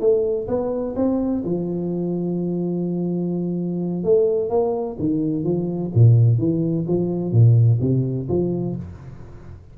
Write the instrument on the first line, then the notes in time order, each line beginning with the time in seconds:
tuba
0.00 A3
0.47 B3
0.96 C4
1.44 F3
4.04 A3
4.49 A#3
4.99 D#3
5.44 F3
5.95 A#2
6.38 E3
6.87 F3
7.32 A#2
7.80 C3
8.29 F3